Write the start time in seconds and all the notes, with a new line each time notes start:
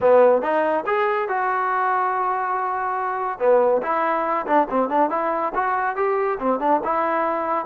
0.01 B3
0.41 D#4
0.86 G#4
1.28 F#4
3.39 B3
3.82 E4
4.46 D4
4.69 C4
4.89 D4
5.10 E4
5.55 F#4
5.96 G4
6.39 C4
6.59 D4
6.84 E4